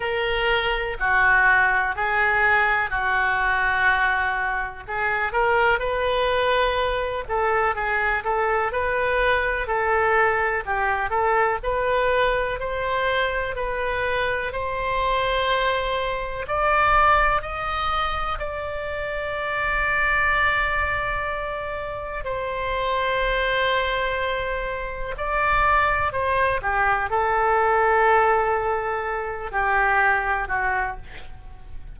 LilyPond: \new Staff \with { instrumentName = "oboe" } { \time 4/4 \tempo 4 = 62 ais'4 fis'4 gis'4 fis'4~ | fis'4 gis'8 ais'8 b'4. a'8 | gis'8 a'8 b'4 a'4 g'8 a'8 | b'4 c''4 b'4 c''4~ |
c''4 d''4 dis''4 d''4~ | d''2. c''4~ | c''2 d''4 c''8 g'8 | a'2~ a'8 g'4 fis'8 | }